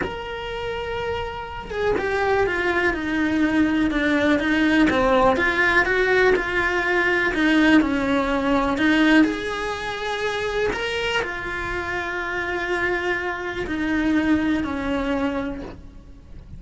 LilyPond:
\new Staff \with { instrumentName = "cello" } { \time 4/4 \tempo 4 = 123 ais'2.~ ais'8 gis'8 | g'4 f'4 dis'2 | d'4 dis'4 c'4 f'4 | fis'4 f'2 dis'4 |
cis'2 dis'4 gis'4~ | gis'2 ais'4 f'4~ | f'1 | dis'2 cis'2 | }